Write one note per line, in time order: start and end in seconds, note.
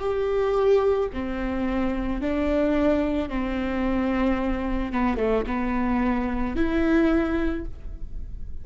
0.00 1.09 G4
1.13 2.21 C4
2.21 3.29 D4
3.29 4.92 C4
4.92 5.17 B3
5.17 5.44 A3
5.46 6.56 B3
6.56 7.65 E4